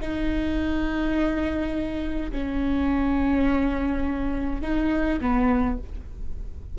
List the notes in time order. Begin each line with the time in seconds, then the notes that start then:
0.00 D#4
2.31 C#4
4.61 D#4
5.20 B3